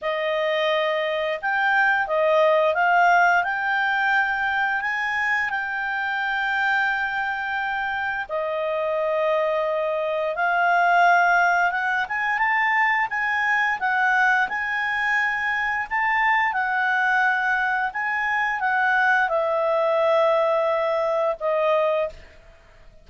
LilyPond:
\new Staff \with { instrumentName = "clarinet" } { \time 4/4 \tempo 4 = 87 dis''2 g''4 dis''4 | f''4 g''2 gis''4 | g''1 | dis''2. f''4~ |
f''4 fis''8 gis''8 a''4 gis''4 | fis''4 gis''2 a''4 | fis''2 gis''4 fis''4 | e''2. dis''4 | }